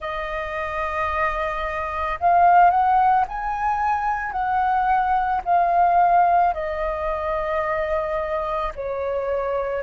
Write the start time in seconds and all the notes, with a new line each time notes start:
0.00 D#5
2.20 F5
2.70 F#5
3.28 G#5
4.31 F#5
5.44 F5
6.54 D#5
8.75 C#5